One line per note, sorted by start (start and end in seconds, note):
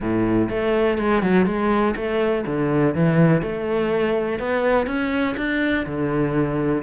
0.00 0.49 A2
0.49 0.98 A3
0.98 1.22 G#3
1.22 1.45 F#3
1.45 1.94 G#3
1.95 2.44 A3
2.46 2.94 D3
2.94 3.41 E3
3.41 4.39 A3
4.39 4.86 B3
4.86 5.35 C#4
5.36 5.85 D4
5.86 6.82 D3